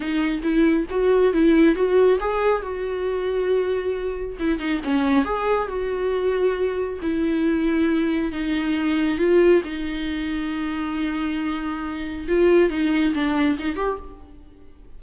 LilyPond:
\new Staff \with { instrumentName = "viola" } { \time 4/4 \tempo 4 = 137 dis'4 e'4 fis'4 e'4 | fis'4 gis'4 fis'2~ | fis'2 e'8 dis'8 cis'4 | gis'4 fis'2. |
e'2. dis'4~ | dis'4 f'4 dis'2~ | dis'1 | f'4 dis'4 d'4 dis'8 g'8 | }